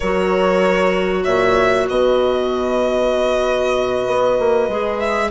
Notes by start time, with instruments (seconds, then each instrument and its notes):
0.00 bassoon F#3, clarinet F#4, horn A#4, violin C#5
1.23 bassoon A#2, horn C#5, violin E5
1.88 bassoon B2, horn B4, violin D#5
4.07 bassoon B3
4.39 bassoon A#3
4.68 bassoon G#3, clarinet G#4
4.99 violin E5